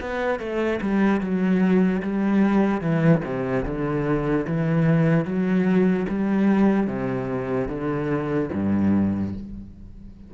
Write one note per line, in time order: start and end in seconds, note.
0.00 0.39 B3
0.39 0.80 A3
0.81 1.21 G3
1.21 2.02 F#3
2.02 2.80 G3
2.80 3.21 E3
3.24 3.65 C3
3.65 4.46 D3
4.47 5.25 E3
5.25 6.06 F#3
6.08 6.87 G3
6.87 7.68 C3
7.68 8.49 D3
8.53 9.34 G2